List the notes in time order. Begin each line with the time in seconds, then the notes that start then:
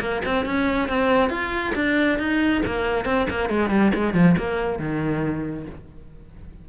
0.00 A#3
0.25 C4
0.45 C#4
0.88 C4
1.30 F4
1.75 D4
2.18 D#4
2.66 A#3
3.05 C4
3.30 A#3
3.49 G#3
3.70 G3
3.94 G#3
4.14 F3
4.38 A#3
4.79 D#3